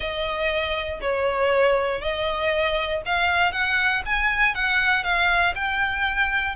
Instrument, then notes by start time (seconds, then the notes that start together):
violin
0.00 D#5
1.01 C#5
2.01 D#5
3.05 F5
3.52 F#5
4.05 G#5
4.54 F#5
5.03 F5
5.55 G5